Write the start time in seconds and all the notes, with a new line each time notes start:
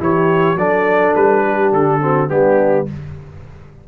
0.00 E3 E4 G4 C#5
0.56 F#3 D4 A4 D5
1.15 G3 B4
1.46 G4
1.73 D3 A4
2.01 C4 F#4
2.29 G3 B3 D4 G4